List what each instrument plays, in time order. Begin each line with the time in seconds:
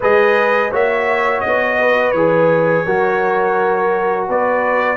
0.00 tuba G#3, trombone G#4, horn B4, trumpet D#5
0.71 tuba A#3, trombone F#4, horn C#5, trumpet E5
1.40 tuba B3, trumpet D#5
1.79 horn B4
2.11 tuba E3, trombone G#4, trumpet C#5
2.86 tuba F#3, trombone F#4, horn A#4
4.28 tuba B3, horn B4, trumpet D5